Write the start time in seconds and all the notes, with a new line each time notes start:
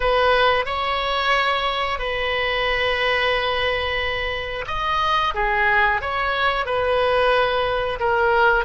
0.00 B4
0.65 C#5
1.98 B4
4.67 D#5
5.34 G#4
6.01 C#5
6.65 B4
7.99 A#4